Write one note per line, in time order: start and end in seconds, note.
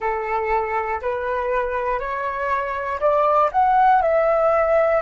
0.00 1.00 A4
1.01 1.99 B4
1.99 2.99 C#5
3.00 3.50 D5
3.52 4.02 F#5
4.02 5.01 E5